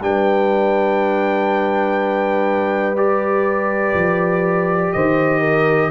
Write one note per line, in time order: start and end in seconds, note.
0.00 3.93 G3
0.00 2.96 D4
0.00 4.94 B4
0.00 2.97 G5
2.96 5.91 G4
2.96 4.92 D5
3.94 4.92 F3
4.92 5.91 D#3
4.92 5.40 C5
4.92 5.91 D#5
5.40 5.89 A#4